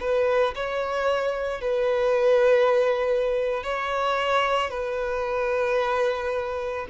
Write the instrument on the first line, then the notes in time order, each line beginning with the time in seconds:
violin
0.00 B4
0.55 C#5
1.61 B4
3.63 C#5
4.70 B4